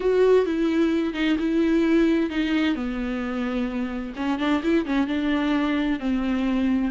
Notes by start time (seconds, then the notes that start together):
0.00 F#4
0.45 E4
1.13 D#4
1.38 E4
2.30 D#4
2.75 B3
4.15 C#4
4.38 D4
4.62 E4
4.85 C#4
5.07 D4
5.99 C4